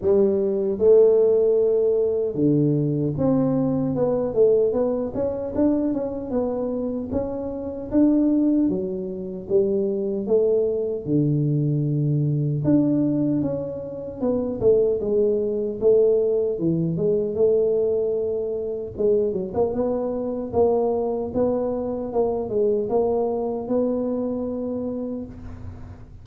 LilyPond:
\new Staff \with { instrumentName = "tuba" } { \time 4/4 \tempo 4 = 76 g4 a2 d4 | c'4 b8 a8 b8 cis'8 d'8 cis'8 | b4 cis'4 d'4 fis4 | g4 a4 d2 |
d'4 cis'4 b8 a8 gis4 | a4 e8 gis8 a2 | gis8 fis16 ais16 b4 ais4 b4 | ais8 gis8 ais4 b2 | }